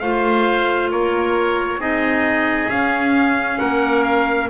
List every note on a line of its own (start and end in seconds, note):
0.00 0.92 A3
0.00 1.80 F4
0.00 0.92 C5
0.00 0.90 F5
0.92 1.78 A#3
0.92 1.80 A#4
0.92 1.81 C#5
1.78 2.67 C4
1.78 2.70 D#4
1.78 3.59 G#4
1.78 2.70 D#5
2.70 3.59 C#4
2.70 4.50 C#4
2.70 3.59 F5
3.59 4.50 A#3
3.59 4.49 A#4
3.59 4.04 F#5
4.04 4.49 F5